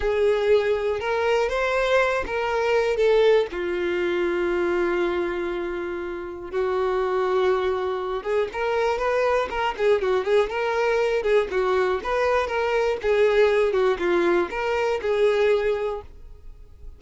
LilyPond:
\new Staff \with { instrumentName = "violin" } { \time 4/4 \tempo 4 = 120 gis'2 ais'4 c''4~ | c''8 ais'4. a'4 f'4~ | f'1~ | f'4 fis'2.~ |
fis'8 gis'8 ais'4 b'4 ais'8 gis'8 | fis'8 gis'8 ais'4. gis'8 fis'4 | b'4 ais'4 gis'4. fis'8 | f'4 ais'4 gis'2 | }